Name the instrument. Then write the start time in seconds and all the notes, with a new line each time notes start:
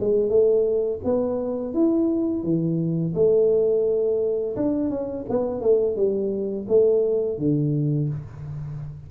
tuba
0.00 G#3
0.29 A3
1.04 B3
1.74 E4
2.43 E3
3.15 A3
4.56 D4
4.90 C#4
5.29 B3
5.61 A3
5.96 G3
6.68 A3
7.38 D3